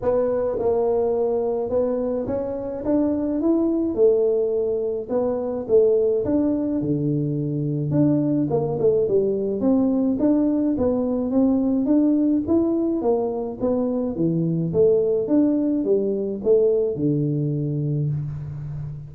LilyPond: \new Staff \with { instrumentName = "tuba" } { \time 4/4 \tempo 4 = 106 b4 ais2 b4 | cis'4 d'4 e'4 a4~ | a4 b4 a4 d'4 | d2 d'4 ais8 a8 |
g4 c'4 d'4 b4 | c'4 d'4 e'4 ais4 | b4 e4 a4 d'4 | g4 a4 d2 | }